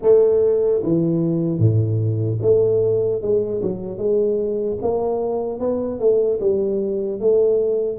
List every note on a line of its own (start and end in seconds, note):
0.01 0.81 A3
0.83 1.59 E3
1.59 2.39 A2
2.41 3.21 A3
3.21 3.61 G#3
3.62 3.97 F#3
3.97 4.77 G#3
4.81 5.59 A#3
5.59 5.99 B3
5.99 6.39 A3
6.40 7.20 G3
7.20 7.98 A3